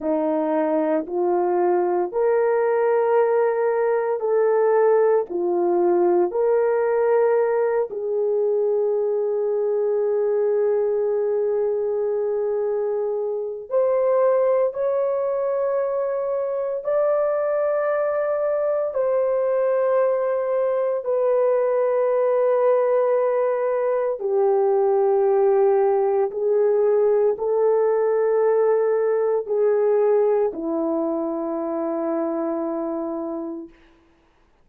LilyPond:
\new Staff \with { instrumentName = "horn" } { \time 4/4 \tempo 4 = 57 dis'4 f'4 ais'2 | a'4 f'4 ais'4. gis'8~ | gis'1~ | gis'4 c''4 cis''2 |
d''2 c''2 | b'2. g'4~ | g'4 gis'4 a'2 | gis'4 e'2. | }